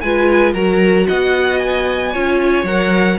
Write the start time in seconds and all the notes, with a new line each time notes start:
0.00 G#3 F4 B4 G#5
0.53 F#3 F#4 A#4 A#5
1.07 B3 D#5 F#5
1.59 G#5
2.12 C#4 F4 C#5
2.63 F#3 A#4 F#5